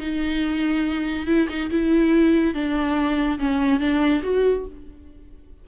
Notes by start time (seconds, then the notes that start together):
0.00 D#4
1.27 E4
1.49 D#4
1.71 E4
2.55 D4
3.39 C#4
3.80 D4
4.24 F#4